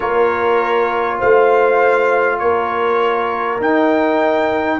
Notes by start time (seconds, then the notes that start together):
0.00 A#3 F4 A#4 C#5
1.19 A3 C5 F5
2.38 A#3 A#4 C#5
3.60 D#4 G5